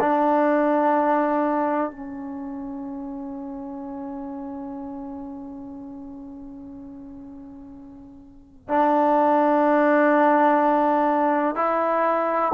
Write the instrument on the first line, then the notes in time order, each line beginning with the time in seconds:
trombone
0.00 D4
1.91 C#4
8.68 D4
11.55 E4